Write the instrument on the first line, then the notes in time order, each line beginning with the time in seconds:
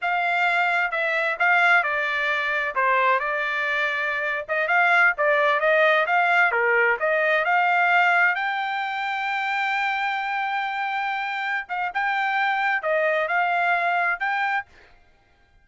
trumpet
0.01 F5
0.91 E5
1.39 F5
1.83 D5
2.75 C5
3.19 D5
4.48 D#5
4.67 F5
5.17 D5
5.60 D#5
6.06 F5
6.51 A#4
6.99 D#5
7.44 F5
8.35 G5
11.68 F5
11.93 G5
12.82 D#5
13.28 F5
14.19 G5